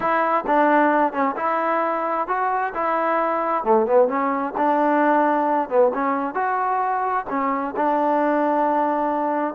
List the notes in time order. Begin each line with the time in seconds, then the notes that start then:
0.00 E4
0.47 D4
1.12 C#4
1.36 E4
2.27 F#4
2.74 E4
3.64 A3
3.86 B3
4.08 C#4
4.57 D4
5.69 B3
5.93 C#4
6.34 F#4
7.29 C#4
7.76 D4